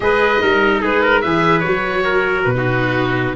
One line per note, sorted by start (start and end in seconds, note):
0.00 0.40 G#3
0.00 0.39 G#4
0.00 0.42 B4
0.00 0.81 D#5
0.40 0.82 G3
0.40 1.22 D#4
0.40 0.81 A#4
0.81 1.23 G#3
0.81 1.02 G#4
0.81 1.21 B4
1.02 1.22 A#4
1.21 1.65 E3
1.21 1.63 G#4
1.21 2.03 B4
1.21 1.59 E5
1.59 2.54 F#4
1.59 2.41 C#5
1.66 2.45 F#3
2.03 2.55 A#4
2.44 3.35 B2
2.44 3.35 B4
2.54 3.35 D#4
2.54 3.35 F#4